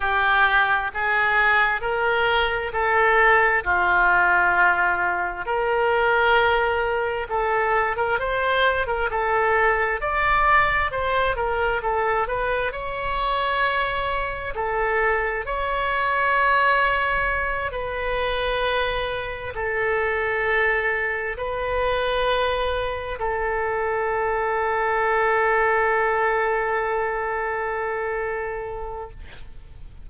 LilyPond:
\new Staff \with { instrumentName = "oboe" } { \time 4/4 \tempo 4 = 66 g'4 gis'4 ais'4 a'4 | f'2 ais'2 | a'8. ais'16 c''8. ais'16 a'4 d''4 | c''8 ais'8 a'8 b'8 cis''2 |
a'4 cis''2~ cis''8 b'8~ | b'4. a'2 b'8~ | b'4. a'2~ a'8~ | a'1 | }